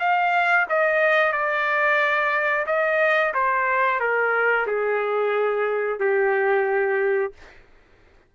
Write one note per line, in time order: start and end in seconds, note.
0.00 0.67 F5
0.69 1.32 D#5
1.32 2.66 D5
2.67 3.33 D#5
3.34 4.00 C5
4.00 4.67 A#4
4.67 6.00 G#4
6.00 7.33 G4